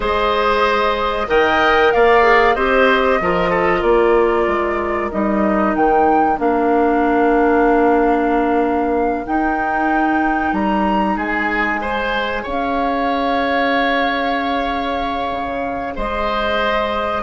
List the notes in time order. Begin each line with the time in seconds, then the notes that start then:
0.00 G#3 G#4 C5 D#5
1.28 D#3 A#4 D#5 G5
1.92 A#3 D5 F5
2.22 G#4
2.54 C4 G4 C5 D#5
3.20 F3 F4 A#4
3.50 A4
3.79 A#3 A#4 D5
4.46 G#3
5.10 G3 D#4 D#5
5.75 D#3 G5
6.37 A#3 D4 F5
9.25 D#4 G5
10.52 G3 A#5
11.16 G#3 G#4 G#5
11.81 G#4 C5
12.43 C#4 C#5 F5
15.31 C#3
15.95 G#3 C5 D#5